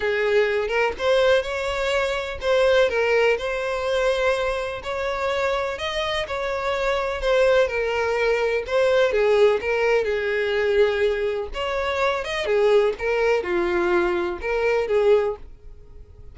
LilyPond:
\new Staff \with { instrumentName = "violin" } { \time 4/4 \tempo 4 = 125 gis'4. ais'8 c''4 cis''4~ | cis''4 c''4 ais'4 c''4~ | c''2 cis''2 | dis''4 cis''2 c''4 |
ais'2 c''4 gis'4 | ais'4 gis'2. | cis''4. dis''8 gis'4 ais'4 | f'2 ais'4 gis'4 | }